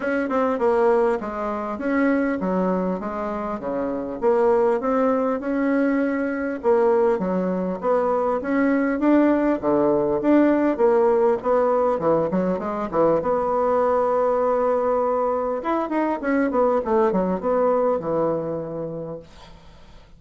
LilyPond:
\new Staff \with { instrumentName = "bassoon" } { \time 4/4 \tempo 4 = 100 cis'8 c'8 ais4 gis4 cis'4 | fis4 gis4 cis4 ais4 | c'4 cis'2 ais4 | fis4 b4 cis'4 d'4 |
d4 d'4 ais4 b4 | e8 fis8 gis8 e8 b2~ | b2 e'8 dis'8 cis'8 b8 | a8 fis8 b4 e2 | }